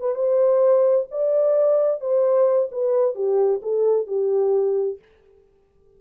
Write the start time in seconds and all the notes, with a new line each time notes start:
0.00 B4
0.15 C5
1.11 D5
2.01 C5
2.72 B4
3.15 G4
3.63 A4
4.08 G4